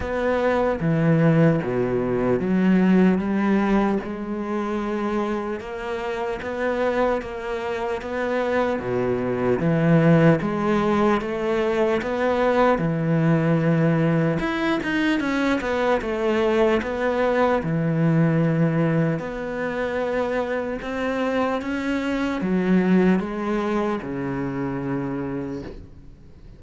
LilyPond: \new Staff \with { instrumentName = "cello" } { \time 4/4 \tempo 4 = 75 b4 e4 b,4 fis4 | g4 gis2 ais4 | b4 ais4 b4 b,4 | e4 gis4 a4 b4 |
e2 e'8 dis'8 cis'8 b8 | a4 b4 e2 | b2 c'4 cis'4 | fis4 gis4 cis2 | }